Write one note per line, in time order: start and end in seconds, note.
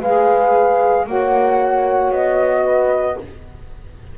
0.00 1.07 G#3
0.00 1.07 G#4
0.00 1.05 B4
0.00 1.07 F5
1.07 2.11 A#3
1.07 3.18 F#4
1.07 2.64 C#5
1.07 2.12 F#5
2.11 3.16 B3
2.11 3.18 D#5
2.64 3.17 B4